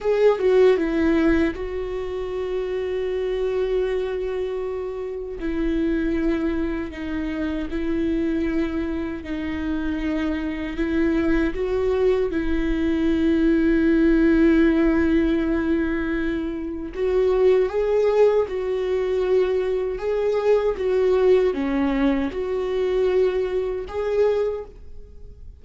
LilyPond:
\new Staff \with { instrumentName = "viola" } { \time 4/4 \tempo 4 = 78 gis'8 fis'8 e'4 fis'2~ | fis'2. e'4~ | e'4 dis'4 e'2 | dis'2 e'4 fis'4 |
e'1~ | e'2 fis'4 gis'4 | fis'2 gis'4 fis'4 | cis'4 fis'2 gis'4 | }